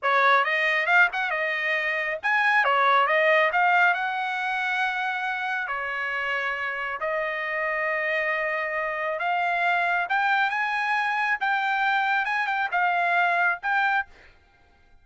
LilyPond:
\new Staff \with { instrumentName = "trumpet" } { \time 4/4 \tempo 4 = 137 cis''4 dis''4 f''8 fis''8 dis''4~ | dis''4 gis''4 cis''4 dis''4 | f''4 fis''2.~ | fis''4 cis''2. |
dis''1~ | dis''4 f''2 g''4 | gis''2 g''2 | gis''8 g''8 f''2 g''4 | }